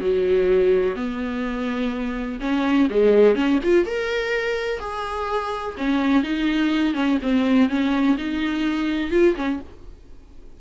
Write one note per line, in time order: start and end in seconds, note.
0.00 0.95 F#3
0.95 2.39 B3
2.40 2.88 C#4
2.90 3.35 G#3
3.35 3.59 C#4
3.63 3.86 F4
3.86 4.80 A#4
4.80 5.76 G#4
5.77 6.23 C#4
6.23 6.94 D#4
6.94 7.18 C#4
7.22 7.69 C4
7.69 8.17 C#4
8.18 9.11 D#4
9.11 9.35 F4
9.36 9.60 C#4